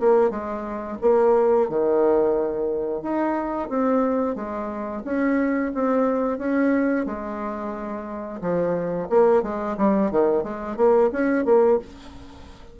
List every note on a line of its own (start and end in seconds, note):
0.00 0.30 A#3
0.30 0.98 G#3
1.02 1.69 A#3
1.69 3.02 D#3
3.02 3.69 D#4
3.69 4.35 C4
4.35 5.03 G#3
5.05 5.72 C#4
5.75 6.38 C4
6.38 7.06 C#4
7.06 8.41 G#3
8.41 9.09 F3
9.09 9.43 A#3
9.43 9.77 G#3
9.78 10.11 G3
10.11 10.43 D#3
10.43 10.77 G#3
10.77 11.11 A#3
11.12 11.45 C#4
11.45 11.79 A#3